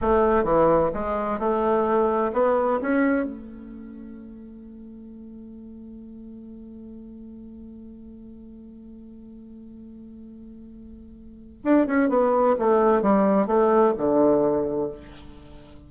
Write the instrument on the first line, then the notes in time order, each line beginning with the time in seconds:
bassoon
0.01 A3
0.43 E3
0.94 G#3
1.39 A3
2.33 B3
2.81 C#4
3.25 A3
11.63 D4
11.86 C#4
12.09 B3
12.58 A3
13.02 G3
13.46 A3
13.97 D3